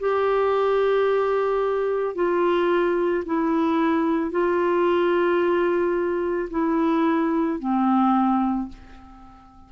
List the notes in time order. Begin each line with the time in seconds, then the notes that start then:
0.00 G4
2.15 F4
3.26 E4
4.31 F4
6.50 E4
7.59 C4